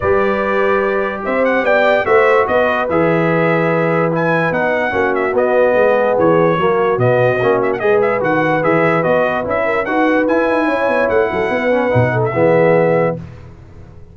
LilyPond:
<<
  \new Staff \with { instrumentName = "trumpet" } { \time 4/4 \tempo 4 = 146 d''2. e''8 fis''8 | g''4 e''4 dis''4 e''4~ | e''2 gis''4 fis''4~ | fis''8 e''8 dis''2 cis''4~ |
cis''4 dis''4. e''16 fis''16 dis''8 e''8 | fis''4 e''4 dis''4 e''4 | fis''4 gis''2 fis''4~ | fis''4.~ fis''16 e''2~ e''16 | }
  \new Staff \with { instrumentName = "horn" } { \time 4/4 b'2. c''4 | d''4 c''4 b'2~ | b'1 | fis'2 gis'2 |
fis'2. b'4~ | b'2.~ b'8 ais'8 | b'2 cis''4. a'8 | b'4. a'8 gis'2 | }
  \new Staff \with { instrumentName = "trombone" } { \time 4/4 g'1~ | g'4 fis'2 gis'4~ | gis'2 e'4 dis'4 | cis'4 b2. |
ais4 b4 cis'4 gis'4 | fis'4 gis'4 fis'4 e'4 | fis'4 e'2.~ | e'8 cis'8 dis'4 b2 | }
  \new Staff \with { instrumentName = "tuba" } { \time 4/4 g2. c'4 | b4 a4 b4 e4~ | e2. b4 | ais4 b4 gis4 e4 |
fis4 b,4 ais4 gis4 | dis4 e4 b4 cis'4 | dis'4 e'8 dis'8 cis'8 b8 a8 fis8 | b4 b,4 e2 | }
>>